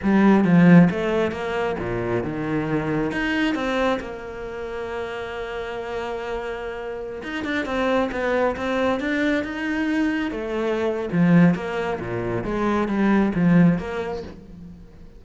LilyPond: \new Staff \with { instrumentName = "cello" } { \time 4/4 \tempo 4 = 135 g4 f4 a4 ais4 | ais,4 dis2 dis'4 | c'4 ais2.~ | ais1~ |
ais16 dis'8 d'8 c'4 b4 c'8.~ | c'16 d'4 dis'2 a8.~ | a4 f4 ais4 ais,4 | gis4 g4 f4 ais4 | }